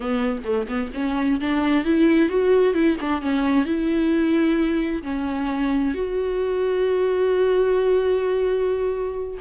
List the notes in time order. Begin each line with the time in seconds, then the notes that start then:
0.00 B3
0.44 A3
0.67 B3
0.94 C#4
1.40 D4
1.84 E4
2.29 F#4
2.74 E4
3.00 D4
3.21 C#4
3.65 E4
5.03 C#4
5.94 F#4